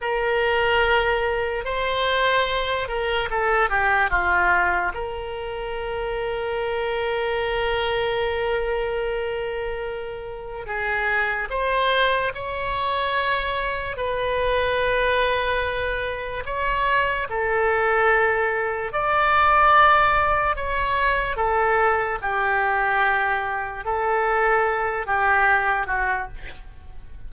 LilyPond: \new Staff \with { instrumentName = "oboe" } { \time 4/4 \tempo 4 = 73 ais'2 c''4. ais'8 | a'8 g'8 f'4 ais'2~ | ais'1~ | ais'4 gis'4 c''4 cis''4~ |
cis''4 b'2. | cis''4 a'2 d''4~ | d''4 cis''4 a'4 g'4~ | g'4 a'4. g'4 fis'8 | }